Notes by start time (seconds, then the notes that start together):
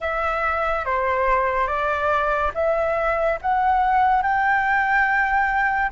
0.00 E5
0.85 C5
1.67 D5
2.54 E5
3.41 F#5
4.22 G5